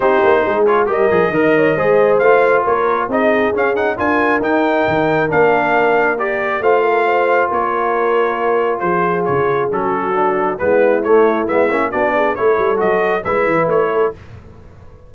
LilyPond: <<
  \new Staff \with { instrumentName = "trumpet" } { \time 4/4 \tempo 4 = 136 c''4. cis''8 dis''2~ | dis''4 f''4 cis''4 dis''4 | f''8 fis''8 gis''4 g''2 | f''2 d''4 f''4~ |
f''4 cis''2. | c''4 cis''4 a'2 | b'4 cis''4 e''4 d''4 | cis''4 dis''4 e''4 cis''4 | }
  \new Staff \with { instrumentName = "horn" } { \time 4/4 g'4 gis'4 ais'4 dis''8 cis''8 | c''2 ais'4 gis'4~ | gis'4 ais'2.~ | ais'2. c''8 ais'8 |
c''4 ais'2. | gis'2~ gis'16 fis'4.~ fis'16 | e'2. fis'8 gis'8 | a'2 b'4. a'8 | }
  \new Staff \with { instrumentName = "trombone" } { \time 4/4 dis'4. f'8 g'8 gis'8 ais'4 | gis'4 f'2 dis'4 | cis'8 dis'8 f'4 dis'2 | d'2 g'4 f'4~ |
f'1~ | f'2 cis'4 d'4 | b4 a4 b8 cis'8 d'4 | e'4 fis'4 e'2 | }
  \new Staff \with { instrumentName = "tuba" } { \time 4/4 c'8 ais8 gis4 g8 f8 dis4 | gis4 a4 ais4 c'4 | cis'4 d'4 dis'4 dis4 | ais2. a4~ |
a4 ais2. | f4 cis4 fis2 | gis4 a4 gis8 ais8 b4 | a8 g8 fis4 gis8 e8 a4 | }
>>